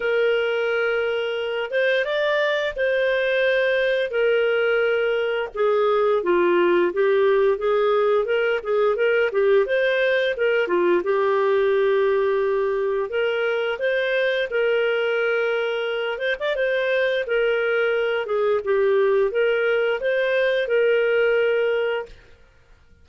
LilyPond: \new Staff \with { instrumentName = "clarinet" } { \time 4/4 \tempo 4 = 87 ais'2~ ais'8 c''8 d''4 | c''2 ais'2 | gis'4 f'4 g'4 gis'4 | ais'8 gis'8 ais'8 g'8 c''4 ais'8 f'8 |
g'2. ais'4 | c''4 ais'2~ ais'8 c''16 d''16 | c''4 ais'4. gis'8 g'4 | ais'4 c''4 ais'2 | }